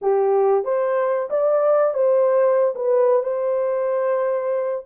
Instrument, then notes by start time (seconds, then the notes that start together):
horn
0.01 G4
0.64 C5
1.29 D5
1.94 C5
2.75 B4
3.23 C5